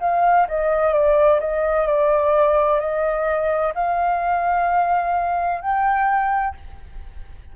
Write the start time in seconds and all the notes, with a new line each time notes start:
0.00 F5
0.48 D#5
0.93 D5
1.40 D#5
1.87 D5
2.80 D#5
3.75 F5
5.61 G5